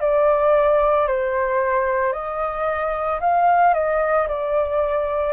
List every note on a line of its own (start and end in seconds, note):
0.00 1.07 D5
1.07 2.12 C5
2.12 3.19 D#5
3.20 3.74 F5
3.74 4.27 D#5
4.28 5.33 D5